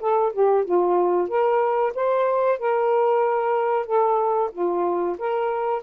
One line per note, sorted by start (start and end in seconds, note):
0.00 0.32 A4
0.32 0.65 G4
0.65 1.28 F4
1.28 1.93 A#4
1.95 2.58 C5
2.58 3.86 A#4
3.86 4.50 A4
4.52 5.16 F4
5.18 5.82 A#4